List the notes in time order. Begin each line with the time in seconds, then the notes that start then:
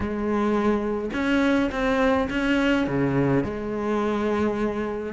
0.00 G#3
1.13 C#4
1.71 C4
2.30 C#4
2.87 C#3
3.44 G#3